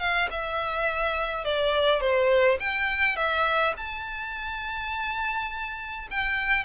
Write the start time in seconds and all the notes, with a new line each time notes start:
0.00 F5
0.31 E5
1.45 D5
2.01 C5
2.60 G5
3.16 E5
3.77 A5
6.11 G5